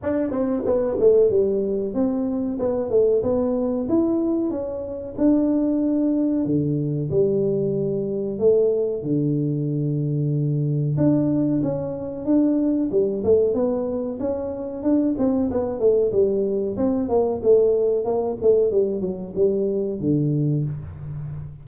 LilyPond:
\new Staff \with { instrumentName = "tuba" } { \time 4/4 \tempo 4 = 93 d'8 c'8 b8 a8 g4 c'4 | b8 a8 b4 e'4 cis'4 | d'2 d4 g4~ | g4 a4 d2~ |
d4 d'4 cis'4 d'4 | g8 a8 b4 cis'4 d'8 c'8 | b8 a8 g4 c'8 ais8 a4 | ais8 a8 g8 fis8 g4 d4 | }